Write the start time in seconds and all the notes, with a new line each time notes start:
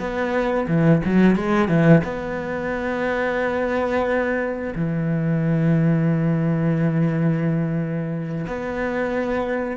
0.00 B3
0.68 E3
1.05 F#3
1.36 G#3
1.69 E3
2.05 B3
4.76 E3
8.48 B3